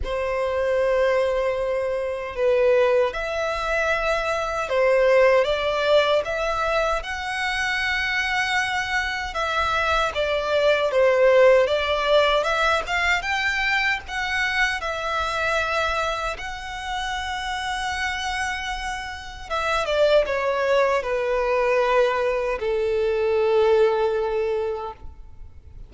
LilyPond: \new Staff \with { instrumentName = "violin" } { \time 4/4 \tempo 4 = 77 c''2. b'4 | e''2 c''4 d''4 | e''4 fis''2. | e''4 d''4 c''4 d''4 |
e''8 f''8 g''4 fis''4 e''4~ | e''4 fis''2.~ | fis''4 e''8 d''8 cis''4 b'4~ | b'4 a'2. | }